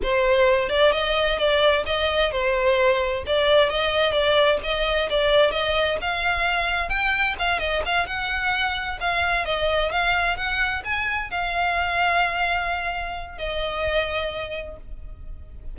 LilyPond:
\new Staff \with { instrumentName = "violin" } { \time 4/4 \tempo 4 = 130 c''4. d''8 dis''4 d''4 | dis''4 c''2 d''4 | dis''4 d''4 dis''4 d''4 | dis''4 f''2 g''4 |
f''8 dis''8 f''8 fis''2 f''8~ | f''8 dis''4 f''4 fis''4 gis''8~ | gis''8 f''2.~ f''8~ | f''4 dis''2. | }